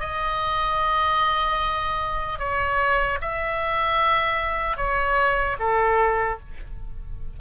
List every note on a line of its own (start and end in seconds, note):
0.00 2.39 D#5
2.39 3.19 C#5
3.21 4.77 E5
4.77 5.57 C#5
5.59 6.39 A4